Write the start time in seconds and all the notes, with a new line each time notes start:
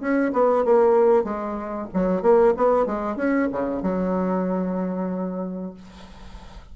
0.00 C#4
0.33 B3
0.64 A#3
1.24 G#3
1.94 F#3
2.22 A#3
2.56 B3
2.86 G#3
3.16 C#4
3.52 C#3
3.82 F#3